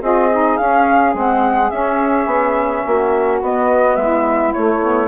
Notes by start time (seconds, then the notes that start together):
0.00 C4 F4 G#4 D#5
0.31 D#4
0.57 C#4 F5
1.14 G#3 C4 F#5
1.70 C#4 E5
2.26 B3
2.85 A#3 F#4
3.41 B3 D#5
3.95 G#3 E4 E5
4.53 A3 C#5
4.82 B3